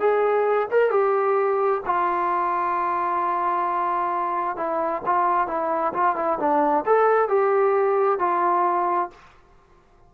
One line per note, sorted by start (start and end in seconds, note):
0.00 0.68 G#4
0.71 0.90 A#4
0.90 1.81 G4
1.85 4.57 F4
4.57 5.02 E4
5.06 5.48 F4
5.48 5.93 E4
5.94 6.16 F4
6.16 6.39 E4
6.39 6.85 D4
6.86 7.29 A4
7.29 8.19 G4
8.19 9.10 F4